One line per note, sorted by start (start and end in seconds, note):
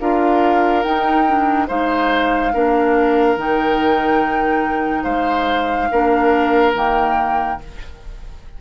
0.00 0.85 D4
0.00 0.83 F4
0.00 1.68 A#4
0.00 0.83 F5
0.83 1.26 D#4
0.83 1.69 D#4
0.83 1.67 G5
1.27 1.68 D4
1.68 2.54 G#3
1.68 2.53 D#4
1.68 2.52 C5
1.68 3.38 F5
2.53 3.37 A#3
2.53 3.38 D4
2.53 5.03 A#4
3.37 5.05 D#3
3.37 5.91 D#4
3.37 5.04 G5
5.03 5.89 G#3
5.03 5.88 C5
5.03 6.73 F5
5.91 6.74 A#3
5.91 6.74 D4
5.91 7.60 A#4
6.74 7.59 D#3
6.74 7.59 A#3
6.74 7.61 G5